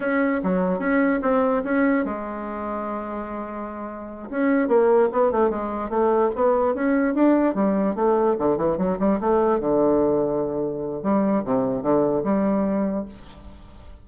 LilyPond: \new Staff \with { instrumentName = "bassoon" } { \time 4/4 \tempo 4 = 147 cis'4 fis4 cis'4 c'4 | cis'4 gis2.~ | gis2~ gis8 cis'4 ais8~ | ais8 b8 a8 gis4 a4 b8~ |
b8 cis'4 d'4 g4 a8~ | a8 d8 e8 fis8 g8 a4 d8~ | d2. g4 | c4 d4 g2 | }